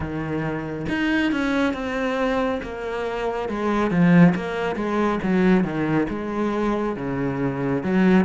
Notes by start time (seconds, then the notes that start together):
0.00 D#3
0.89 D#4
1.32 C#4
1.74 C4
2.62 A#3
3.49 G#3
3.90 F3
4.35 A#3
4.75 G#3
5.22 F#3
5.63 D#3
6.09 G#3
6.96 C#3
7.83 F#3